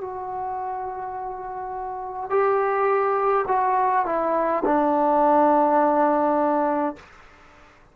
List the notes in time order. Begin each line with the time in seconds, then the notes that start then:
0.00 F#4
2.30 G4
3.47 F#4
4.05 E4
4.65 D4